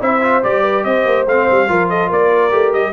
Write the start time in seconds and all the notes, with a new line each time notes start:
0.00 C4 E4 C5 E5
0.21 F4
0.43 G3 G4 D5
0.62 B4
0.83 C4 C5 D#5
1.05 A#3
1.26 A3 C4 F5
1.50 G3
1.68 F3 F4 A#4
1.89 A4 D#5
2.08 A#3 A#4 D5
2.51 A3 G4
2.73 G3 D#5